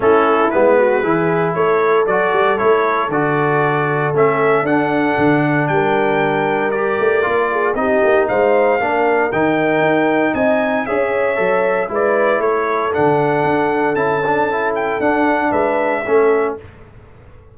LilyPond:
<<
  \new Staff \with { instrumentName = "trumpet" } { \time 4/4 \tempo 4 = 116 a'4 b'2 cis''4 | d''4 cis''4 d''2 | e''4 fis''2 g''4~ | g''4 d''2 dis''4 |
f''2 g''2 | gis''4 e''2 d''4 | cis''4 fis''2 a''4~ | a''8 g''8 fis''4 e''2 | }
  \new Staff \with { instrumentName = "horn" } { \time 4/4 e'4. fis'8 gis'4 a'4~ | a'1~ | a'2. ais'4~ | ais'2~ ais'8 gis'8 g'4 |
c''4 ais'2. | dis''4 cis''2 b'4 | a'1~ | a'2 b'4 a'4 | }
  \new Staff \with { instrumentName = "trombone" } { \time 4/4 cis'4 b4 e'2 | fis'4 e'4 fis'2 | cis'4 d'2.~ | d'4 g'4 f'4 dis'4~ |
dis'4 d'4 dis'2~ | dis'4 gis'4 a'4 e'4~ | e'4 d'2 e'8 d'8 | e'4 d'2 cis'4 | }
  \new Staff \with { instrumentName = "tuba" } { \time 4/4 a4 gis4 e4 a4 | fis8 g8 a4 d2 | a4 d'4 d4 g4~ | g4. a8 ais4 c'8 ais8 |
gis4 ais4 dis4 dis'4 | c'4 cis'4 fis4 gis4 | a4 d4 d'4 cis'4~ | cis'4 d'4 gis4 a4 | }
>>